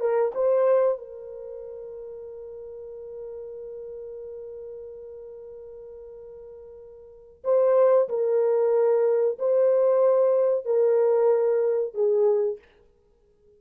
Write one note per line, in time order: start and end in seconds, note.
0.00 0.32 A#4
0.35 0.98 C5
0.98 7.43 A#4
7.44 8.09 C5
8.09 9.38 A#4
9.39 10.65 C5
10.65 11.94 A#4
11.94 12.59 G#4